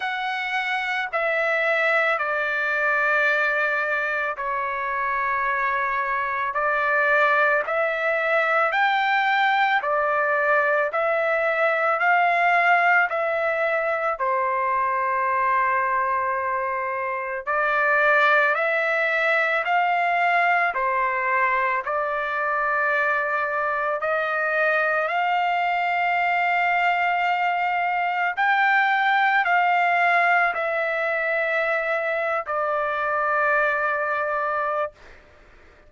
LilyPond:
\new Staff \with { instrumentName = "trumpet" } { \time 4/4 \tempo 4 = 55 fis''4 e''4 d''2 | cis''2 d''4 e''4 | g''4 d''4 e''4 f''4 | e''4 c''2. |
d''4 e''4 f''4 c''4 | d''2 dis''4 f''4~ | f''2 g''4 f''4 | e''4.~ e''16 d''2~ d''16 | }